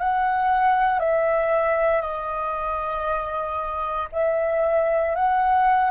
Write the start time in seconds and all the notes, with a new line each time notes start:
0.00 F#5
1.00 E5
2.02 D#5
4.12 E5
5.16 F#5